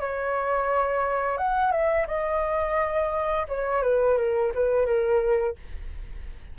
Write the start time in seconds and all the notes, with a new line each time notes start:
0.00 C#5
1.38 F#5
1.72 E5
2.08 D#5
3.48 C#5
3.83 B4
4.18 A#4
4.54 B4
4.86 A#4